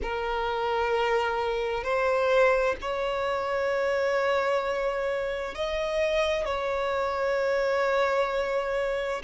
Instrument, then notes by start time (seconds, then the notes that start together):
violin
0.02 A#4
1.83 C5
2.81 C#5
5.54 D#5
6.45 C#5